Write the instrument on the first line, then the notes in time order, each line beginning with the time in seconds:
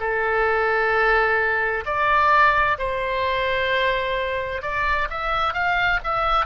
oboe
0.00 A4
1.85 D5
2.79 C5
4.62 D5
5.10 E5
5.53 F5
6.04 E5